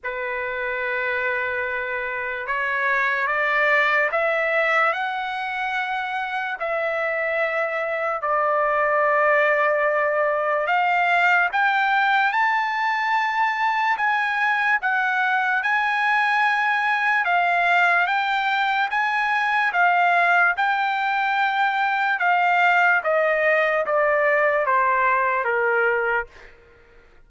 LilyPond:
\new Staff \with { instrumentName = "trumpet" } { \time 4/4 \tempo 4 = 73 b'2. cis''4 | d''4 e''4 fis''2 | e''2 d''2~ | d''4 f''4 g''4 a''4~ |
a''4 gis''4 fis''4 gis''4~ | gis''4 f''4 g''4 gis''4 | f''4 g''2 f''4 | dis''4 d''4 c''4 ais'4 | }